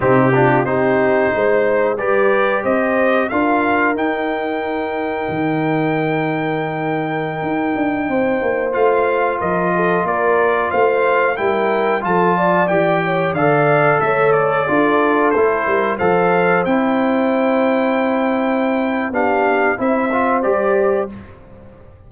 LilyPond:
<<
  \new Staff \with { instrumentName = "trumpet" } { \time 4/4 \tempo 4 = 91 g'4 c''2 d''4 | dis''4 f''4 g''2~ | g''1~ | g''4~ g''16 f''4 dis''4 d''8.~ |
d''16 f''4 g''4 a''4 g''8.~ | g''16 f''4 e''8 d''4. c''8.~ | c''16 f''4 g''2~ g''8.~ | g''4 f''4 e''4 d''4 | }
  \new Staff \with { instrumentName = "horn" } { \time 4/4 dis'8 f'8 g'4 c''4 b'4 | c''4 ais'2.~ | ais'1~ | ais'16 c''2 ais'8 a'8 ais'8.~ |
ais'16 c''4 ais'4 a'8 d''4 cis''16~ | cis''16 d''4 cis''4 a'4. ais'16~ | ais'16 c''2.~ c''8.~ | c''4 g'4 c''2 | }
  \new Staff \with { instrumentName = "trombone" } { \time 4/4 c'8 d'8 dis'2 g'4~ | g'4 f'4 dis'2~ | dis'1~ | dis'4~ dis'16 f'2~ f'8.~ |
f'4~ f'16 e'4 f'4 g'8.~ | g'16 a'2 f'4 e'8.~ | e'16 a'4 e'2~ e'8.~ | e'4 d'4 e'8 f'8 g'4 | }
  \new Staff \with { instrumentName = "tuba" } { \time 4/4 c4 c'4 gis4 g4 | c'4 d'4 dis'2 | dis2.~ dis16 dis'8 d'16~ | d'16 c'8 ais8 a4 f4 ais8.~ |
ais16 a4 g4 f4 e8.~ | e16 d4 a4 d'4 a8 g16~ | g16 f4 c'2~ c'8.~ | c'4 b4 c'4 g4 | }
>>